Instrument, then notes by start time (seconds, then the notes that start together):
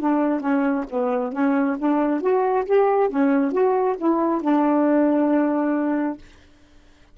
saxophone
0.00 D4
0.41 C#4
0.90 B3
1.33 C#4
1.79 D4
2.21 F#4
2.66 G4
3.10 C#4
3.52 F#4
3.97 E4
4.42 D4